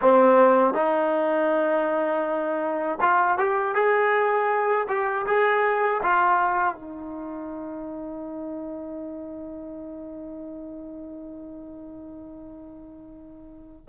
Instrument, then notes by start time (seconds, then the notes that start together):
trombone
0.01 C4
0.73 D#4
3.00 F4
3.38 G4
3.74 G#4
4.88 G4
5.26 G#4
6.02 F4
6.74 D#4